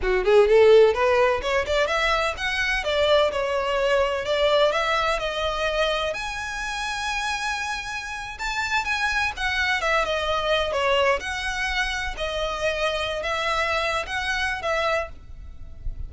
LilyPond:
\new Staff \with { instrumentName = "violin" } { \time 4/4 \tempo 4 = 127 fis'8 gis'8 a'4 b'4 cis''8 d''8 | e''4 fis''4 d''4 cis''4~ | cis''4 d''4 e''4 dis''4~ | dis''4 gis''2.~ |
gis''4.~ gis''16 a''4 gis''4 fis''16~ | fis''8. e''8 dis''4. cis''4 fis''16~ | fis''4.~ fis''16 dis''2~ dis''16 | e''4.~ e''16 fis''4~ fis''16 e''4 | }